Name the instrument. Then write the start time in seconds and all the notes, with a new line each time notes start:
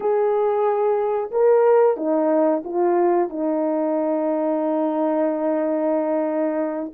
horn
0.00 G#4
1.31 A#4
1.96 D#4
2.64 F4
3.29 D#4